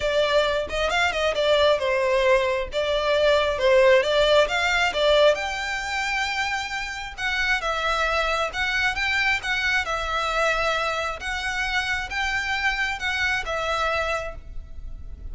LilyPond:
\new Staff \with { instrumentName = "violin" } { \time 4/4 \tempo 4 = 134 d''4. dis''8 f''8 dis''8 d''4 | c''2 d''2 | c''4 d''4 f''4 d''4 | g''1 |
fis''4 e''2 fis''4 | g''4 fis''4 e''2~ | e''4 fis''2 g''4~ | g''4 fis''4 e''2 | }